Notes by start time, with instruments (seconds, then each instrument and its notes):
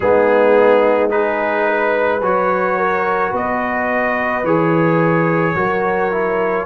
0.00 tuba G#3, trombone B3, horn D#4, trumpet G#4
1.09 trombone D#4, horn G#4, trumpet B4
1.67 horn B4
2.21 tuba F#3, trombone F#4, trumpet C#5
2.78 horn A#4
3.30 tuba B3, horn B4, trumpet D#5
4.43 tuba E3, trombone G#4, trumpet C#5
5.55 tuba F#3, trombone F#4, horn A#4
6.11 trombone E4